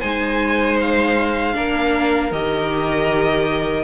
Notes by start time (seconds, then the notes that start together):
0.00 G#3 D#4 C5 G#5
0.81 F5
1.53 A#3 D4 A#4
2.31 D#3 G4 D#5